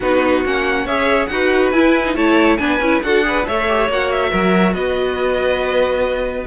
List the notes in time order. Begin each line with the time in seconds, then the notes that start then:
0.00 B3 D#4 F#4 B4
0.45 A#3 C#4 F#5
0.85 C#4 G#4 C#5 E5
1.26 D#4 F#4 B4 F#5
1.71 E4 G#5
2.05 D#4
2.15 A3 E4 C#5 A5
2.56 B3 D4 B4 G#5
2.80 C#4 E4
3.03 D4 F#4 A4 F#5
3.23 G#4 B4
3.44 A3 A4 C#5 E5
3.68 G4
3.88 A#3 F#4 F#5
4.11 E5
4.30 F#3 A#4
4.73 B3 B4 D#5